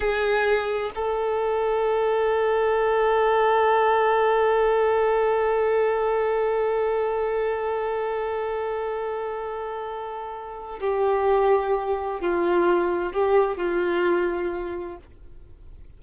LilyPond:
\new Staff \with { instrumentName = "violin" } { \time 4/4 \tempo 4 = 128 gis'2 a'2~ | a'1~ | a'1~ | a'1~ |
a'1~ | a'2. g'4~ | g'2 f'2 | g'4 f'2. | }